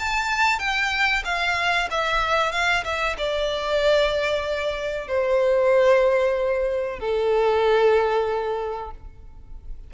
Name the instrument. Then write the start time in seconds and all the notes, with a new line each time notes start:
violin
0.00 A5
0.59 G5
1.25 F5
1.91 E5
2.52 F5
2.85 E5
3.18 D5
5.08 C5
7.00 A4